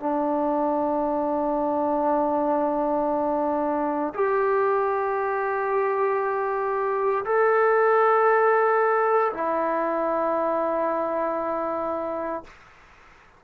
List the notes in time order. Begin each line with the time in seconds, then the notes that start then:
0.00 D4
4.14 G4
7.25 A4
9.33 E4